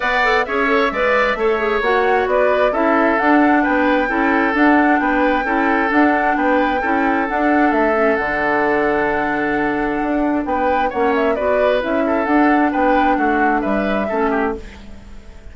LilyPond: <<
  \new Staff \with { instrumentName = "flute" } { \time 4/4 \tempo 4 = 132 fis''4 e''2. | fis''4 d''4 e''4 fis''4 | g''2 fis''4 g''4~ | g''4 fis''4 g''2 |
fis''4 e''4 fis''2~ | fis''2. g''4 | fis''8 e''8 d''4 e''4 fis''4 | g''4 fis''4 e''2 | }
  \new Staff \with { instrumentName = "oboe" } { \time 4/4 d''4 cis''4 d''4 cis''4~ | cis''4 b'4 a'2 | b'4 a'2 b'4 | a'2 b'4 a'4~ |
a'1~ | a'2. b'4 | cis''4 b'4. a'4. | b'4 fis'4 b'4 a'8 g'8 | }
  \new Staff \with { instrumentName = "clarinet" } { \time 4/4 b'8 a'8 gis'8 a'8 b'4 a'8 gis'8 | fis'2 e'4 d'4~ | d'4 e'4 d'2 | e'4 d'2 e'4 |
d'4. cis'8 d'2~ | d'1 | cis'4 fis'4 e'4 d'4~ | d'2. cis'4 | }
  \new Staff \with { instrumentName = "bassoon" } { \time 4/4 b4 cis'4 gis4 a4 | ais4 b4 cis'4 d'4 | b4 cis'4 d'4 b4 | cis'4 d'4 b4 cis'4 |
d'4 a4 d2~ | d2 d'4 b4 | ais4 b4 cis'4 d'4 | b4 a4 g4 a4 | }
>>